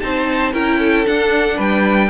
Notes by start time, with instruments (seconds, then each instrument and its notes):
0.00 cello C4, viola D#4, violin C5 A5
0.53 cello C#4, viola E4, violin A#4 G5
0.79 violin A4
1.06 viola D4, cello D4, violin F#5
1.56 cello G3, violin B4 G5